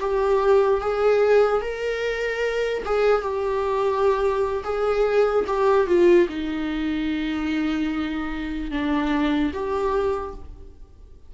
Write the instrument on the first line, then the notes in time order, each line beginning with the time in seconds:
viola
0.00 G4
0.81 G#4
1.62 A#4
2.85 G#4
3.22 G4
4.64 G#4
5.47 G4
5.87 F4
6.29 D#4
8.71 D4
9.53 G4